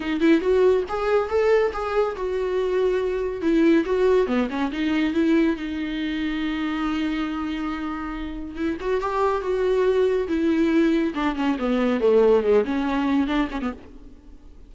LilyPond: \new Staff \with { instrumentName = "viola" } { \time 4/4 \tempo 4 = 140 dis'8 e'8 fis'4 gis'4 a'4 | gis'4 fis'2. | e'4 fis'4 b8 cis'8 dis'4 | e'4 dis'2.~ |
dis'1 | e'8 fis'8 g'4 fis'2 | e'2 d'8 cis'8 b4 | a4 gis8 cis'4. d'8 cis'16 b16 | }